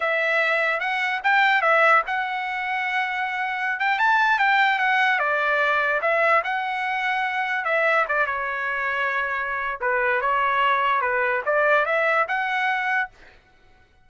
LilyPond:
\new Staff \with { instrumentName = "trumpet" } { \time 4/4 \tempo 4 = 147 e''2 fis''4 g''4 | e''4 fis''2.~ | fis''4~ fis''16 g''8 a''4 g''4 fis''16~ | fis''8. d''2 e''4 fis''16~ |
fis''2~ fis''8. e''4 d''16~ | d''16 cis''2.~ cis''8. | b'4 cis''2 b'4 | d''4 e''4 fis''2 | }